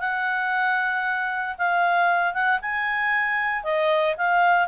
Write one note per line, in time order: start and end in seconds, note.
0.00 1.57 F#5
1.58 2.34 F5
2.34 2.60 F#5
2.62 3.64 G#5
3.64 4.16 D#5
4.17 4.68 F5